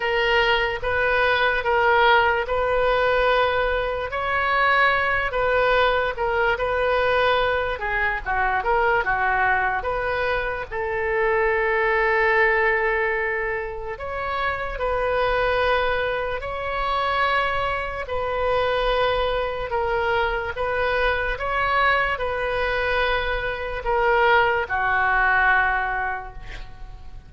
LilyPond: \new Staff \with { instrumentName = "oboe" } { \time 4/4 \tempo 4 = 73 ais'4 b'4 ais'4 b'4~ | b'4 cis''4. b'4 ais'8 | b'4. gis'8 fis'8 ais'8 fis'4 | b'4 a'2.~ |
a'4 cis''4 b'2 | cis''2 b'2 | ais'4 b'4 cis''4 b'4~ | b'4 ais'4 fis'2 | }